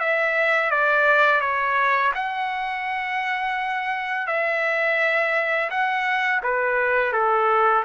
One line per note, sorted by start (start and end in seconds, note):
0.00 0.70 E5
0.70 1.41 D5
1.41 2.12 C#5
2.15 4.27 F#5
4.27 5.70 E5
5.70 6.42 F#5
6.43 7.12 B4
7.12 7.84 A4